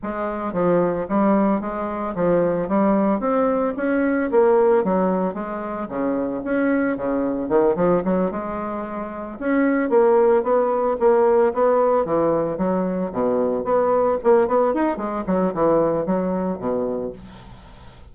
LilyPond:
\new Staff \with { instrumentName = "bassoon" } { \time 4/4 \tempo 4 = 112 gis4 f4 g4 gis4 | f4 g4 c'4 cis'4 | ais4 fis4 gis4 cis4 | cis'4 cis4 dis8 f8 fis8 gis8~ |
gis4. cis'4 ais4 b8~ | b8 ais4 b4 e4 fis8~ | fis8 b,4 b4 ais8 b8 dis'8 | gis8 fis8 e4 fis4 b,4 | }